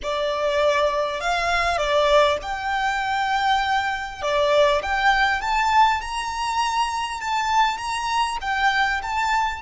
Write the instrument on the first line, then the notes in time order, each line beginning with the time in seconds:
violin
0.02 D5
1.20 F5
1.77 D5
2.42 G5
4.22 D5
4.82 G5
5.41 A5
6.01 A#5
7.20 A5
7.77 A#5
8.41 G5
9.02 A5